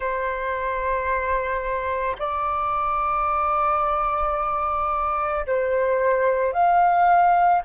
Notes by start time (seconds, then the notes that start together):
0.00 C5
2.18 D5
5.46 C5
6.53 F5